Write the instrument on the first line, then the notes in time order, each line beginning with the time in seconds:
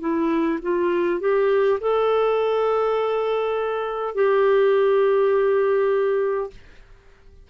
clarinet
0.00 E4
0.62 F4
1.20 G4
1.81 A4
4.15 G4